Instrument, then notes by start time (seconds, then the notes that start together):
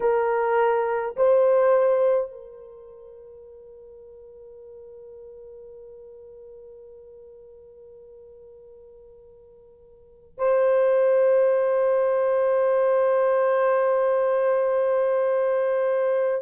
horn
0.00 A#4
1.16 C5
2.31 A#4
10.38 C5